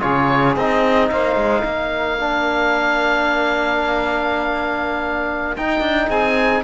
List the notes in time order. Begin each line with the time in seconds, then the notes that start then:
0.00 C#3 F4 G#4 C#5
0.56 C4 D#4 D#5
1.09 A#3 C5 F5
1.35 G#3
1.63 A#3 A#4
2.19 D4
5.56 D#4 G5
5.80 D4
6.08 C4 G#4 G#5